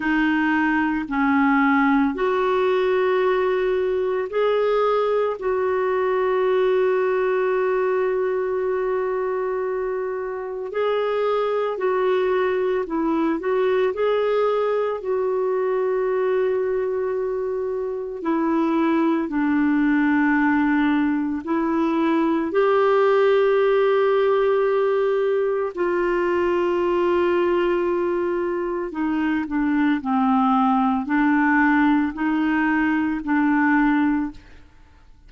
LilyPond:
\new Staff \with { instrumentName = "clarinet" } { \time 4/4 \tempo 4 = 56 dis'4 cis'4 fis'2 | gis'4 fis'2.~ | fis'2 gis'4 fis'4 | e'8 fis'8 gis'4 fis'2~ |
fis'4 e'4 d'2 | e'4 g'2. | f'2. dis'8 d'8 | c'4 d'4 dis'4 d'4 | }